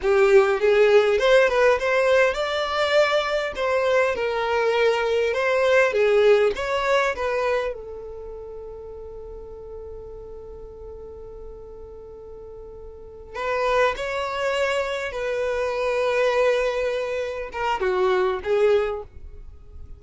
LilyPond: \new Staff \with { instrumentName = "violin" } { \time 4/4 \tempo 4 = 101 g'4 gis'4 c''8 b'8 c''4 | d''2 c''4 ais'4~ | ais'4 c''4 gis'4 cis''4 | b'4 a'2.~ |
a'1~ | a'2~ a'8 b'4 cis''8~ | cis''4. b'2~ b'8~ | b'4. ais'8 fis'4 gis'4 | }